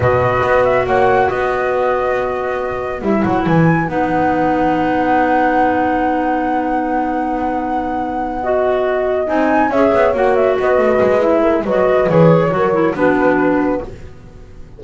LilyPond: <<
  \new Staff \with { instrumentName = "flute" } { \time 4/4 \tempo 4 = 139 dis''4. e''8 fis''4 dis''4~ | dis''2. e''8 fis''8 | gis''4 fis''2.~ | fis''1~ |
fis''1~ | fis''4. gis''4 e''4 fis''8 | e''8 dis''4. e''4 dis''4 | cis''2 b'2 | }
  \new Staff \with { instrumentName = "horn" } { \time 4/4 b'2 cis''4 b'4~ | b'1~ | b'1~ | b'1~ |
b'2.~ b'8 dis''8~ | dis''2~ dis''8 cis''4.~ | cis''8 b'2 ais'8 b'4~ | b'4 ais'4 fis'2 | }
  \new Staff \with { instrumentName = "clarinet" } { \time 4/4 fis'1~ | fis'2. e'4~ | e'4 dis'2.~ | dis'1~ |
dis'2.~ dis'8 fis'8~ | fis'4. dis'4 gis'4 fis'8~ | fis'2 e'4 fis'4 | gis'4 fis'8 e'8 d'2 | }
  \new Staff \with { instrumentName = "double bass" } { \time 4/4 b,4 b4 ais4 b4~ | b2. g8 fis8 | e4 b2.~ | b1~ |
b1~ | b4. c'4 cis'8 b8 ais8~ | ais8 b8 a8 gis4. fis4 | e4 fis4 b2 | }
>>